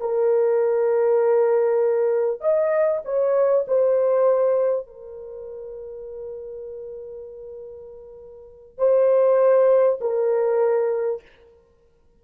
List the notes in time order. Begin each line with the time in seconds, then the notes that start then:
0.00 A#4
2.41 D#5
3.05 C#5
3.67 C5
4.87 A#4
8.78 C5
10.01 A#4